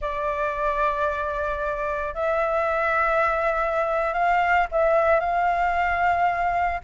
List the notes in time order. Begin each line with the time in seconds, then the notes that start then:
0.01 D5
2.14 E5
4.13 F5
4.71 E5
5.19 F5